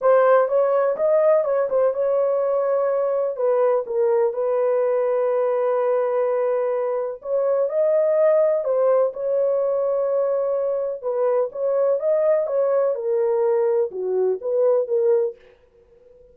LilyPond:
\new Staff \with { instrumentName = "horn" } { \time 4/4 \tempo 4 = 125 c''4 cis''4 dis''4 cis''8 c''8 | cis''2. b'4 | ais'4 b'2.~ | b'2. cis''4 |
dis''2 c''4 cis''4~ | cis''2. b'4 | cis''4 dis''4 cis''4 ais'4~ | ais'4 fis'4 b'4 ais'4 | }